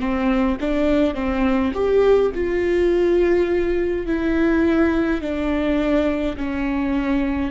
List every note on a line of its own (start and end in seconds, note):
0.00 0.58 C4
0.61 1.15 D4
1.15 1.73 C4
1.74 2.32 G4
2.34 4.06 F4
4.06 5.21 E4
5.21 6.37 D4
6.37 7.52 C#4